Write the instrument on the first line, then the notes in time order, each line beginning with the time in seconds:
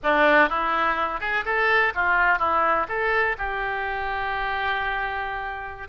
oboe
0.03 D4
0.49 E4
1.20 G#4
1.45 A4
1.94 F4
2.38 E4
2.88 A4
3.38 G4